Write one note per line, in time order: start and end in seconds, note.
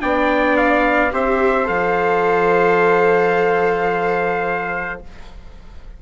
0.00 1.13 B3
0.00 1.11 D4
0.00 1.13 D5
0.00 0.57 G5
0.57 1.12 F5
1.12 1.69 C4
1.12 1.65 G4
1.12 5.03 C5
1.12 1.68 E5
1.65 5.03 F3
1.65 4.98 A4
1.65 5.01 F5